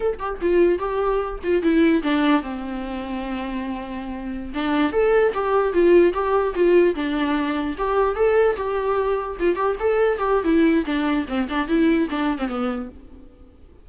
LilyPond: \new Staff \with { instrumentName = "viola" } { \time 4/4 \tempo 4 = 149 a'8 g'8 f'4 g'4. f'8 | e'4 d'4 c'2~ | c'2.~ c'16 d'8.~ | d'16 a'4 g'4 f'4 g'8.~ |
g'16 f'4 d'2 g'8.~ | g'16 a'4 g'2 f'8 g'16~ | g'16 a'4 g'8. e'4 d'4 | c'8 d'8 e'4 d'8. c'16 b4 | }